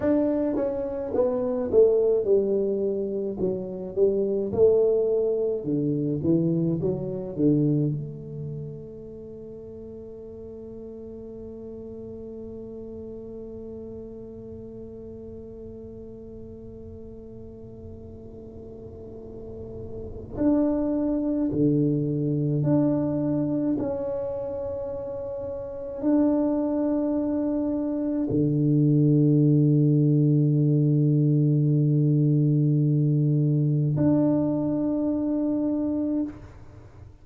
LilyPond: \new Staff \with { instrumentName = "tuba" } { \time 4/4 \tempo 4 = 53 d'8 cis'8 b8 a8 g4 fis8 g8 | a4 d8 e8 fis8 d8 a4~ | a1~ | a1~ |
a2 d'4 d4 | d'4 cis'2 d'4~ | d'4 d2.~ | d2 d'2 | }